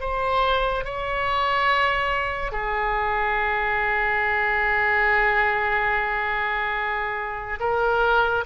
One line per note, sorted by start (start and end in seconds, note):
0.00 0.85 C5
0.85 2.52 C#5
2.52 7.59 G#4
7.59 8.44 A#4